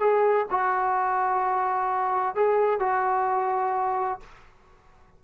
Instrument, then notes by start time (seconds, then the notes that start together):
trombone
0.00 G#4
0.51 F#4
2.36 G#4
2.80 F#4